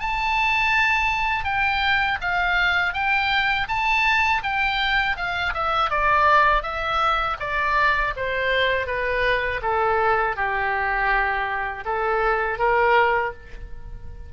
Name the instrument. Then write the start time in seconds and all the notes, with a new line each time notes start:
oboe
0.00 A5
1.44 G5
2.21 F5
2.93 G5
3.68 A5
4.43 G5
5.16 F5
5.54 E5
5.90 D5
6.63 E5
7.39 D5
8.16 C5
8.87 B4
9.62 A4
10.36 G4
11.85 A4
12.59 A#4